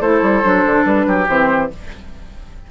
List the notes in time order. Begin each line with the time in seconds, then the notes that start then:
0.00 A3 E4 A4 C5
0.22 G3
0.42 F#3 D4
0.66 D3
0.84 G3 B4
1.07 F#3 G4
1.27 E3 C4 C5